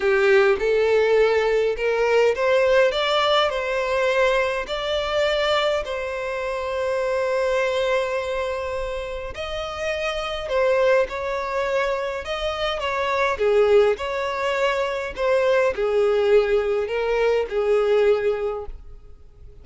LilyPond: \new Staff \with { instrumentName = "violin" } { \time 4/4 \tempo 4 = 103 g'4 a'2 ais'4 | c''4 d''4 c''2 | d''2 c''2~ | c''1 |
dis''2 c''4 cis''4~ | cis''4 dis''4 cis''4 gis'4 | cis''2 c''4 gis'4~ | gis'4 ais'4 gis'2 | }